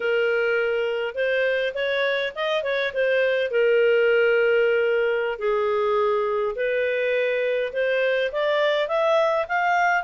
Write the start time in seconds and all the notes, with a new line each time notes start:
0.00 A#4
1.15 C5
1.74 C#5
2.35 D#5
2.63 C#5
2.93 C5
3.50 A#4
5.39 G#4
6.55 B4
7.73 C5
8.32 D5
8.88 E5
9.48 F5